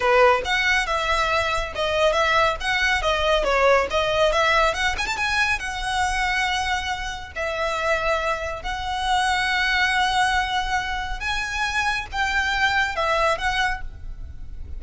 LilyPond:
\new Staff \with { instrumentName = "violin" } { \time 4/4 \tempo 4 = 139 b'4 fis''4 e''2 | dis''4 e''4 fis''4 dis''4 | cis''4 dis''4 e''4 fis''8 gis''16 a''16 | gis''4 fis''2.~ |
fis''4 e''2. | fis''1~ | fis''2 gis''2 | g''2 e''4 fis''4 | }